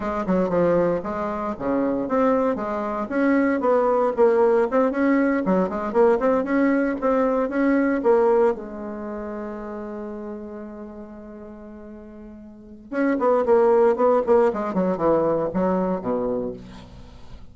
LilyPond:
\new Staff \with { instrumentName = "bassoon" } { \time 4/4 \tempo 4 = 116 gis8 fis8 f4 gis4 cis4 | c'4 gis4 cis'4 b4 | ais4 c'8 cis'4 fis8 gis8 ais8 | c'8 cis'4 c'4 cis'4 ais8~ |
ais8 gis2.~ gis8~ | gis1~ | gis4 cis'8 b8 ais4 b8 ais8 | gis8 fis8 e4 fis4 b,4 | }